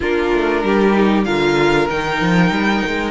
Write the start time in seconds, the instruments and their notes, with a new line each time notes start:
0.00 cello A#3, viola D4, violin F4 A#4
0.32 cello A3
0.63 cello G3, violin G4
0.92 viola D#4
1.24 cello D3, viola F4, violin A#4 F5
1.89 cello D#3, viola D#4, violin G5
2.20 cello F3
2.51 cello G3
2.86 cello G#3